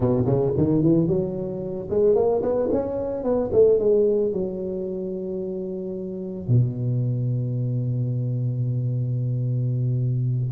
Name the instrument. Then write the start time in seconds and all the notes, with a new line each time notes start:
tuba
0.00 B2
0.25 C#3
0.57 D#3
0.82 E3
1.07 F#3
1.89 G#3
2.15 A#3
2.42 B3
2.71 C#4
3.23 B3
3.52 A3
3.79 G#3
4.32 F#3
6.48 B2